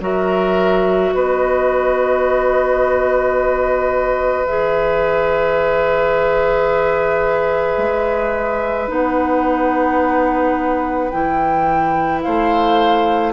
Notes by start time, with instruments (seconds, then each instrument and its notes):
0.00 bassoon F#3, clarinet F#4, oboe A#4, flute E5
1.13 bassoon B3, oboe B4, flute D#5
4.46 bassoon E3, clarinet G#4, flute E5
7.78 bassoon G#3
8.88 bassoon B3, clarinet D#4, flute F#5
11.09 bassoon E3, clarinet E4, flute G5
12.22 bassoon A3, oboe C5, flute F5